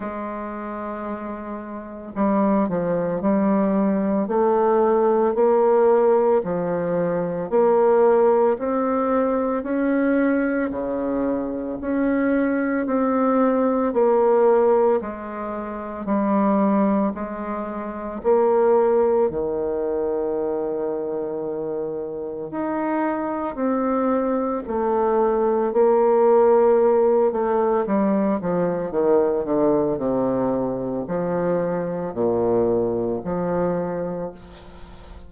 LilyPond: \new Staff \with { instrumentName = "bassoon" } { \time 4/4 \tempo 4 = 56 gis2 g8 f8 g4 | a4 ais4 f4 ais4 | c'4 cis'4 cis4 cis'4 | c'4 ais4 gis4 g4 |
gis4 ais4 dis2~ | dis4 dis'4 c'4 a4 | ais4. a8 g8 f8 dis8 d8 | c4 f4 ais,4 f4 | }